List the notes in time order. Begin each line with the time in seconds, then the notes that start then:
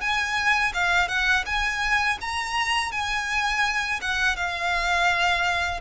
0.00 G#5
0.73 F5
1.08 F#5
1.46 G#5
2.20 A#5
2.91 G#5
4.01 F#5
4.36 F5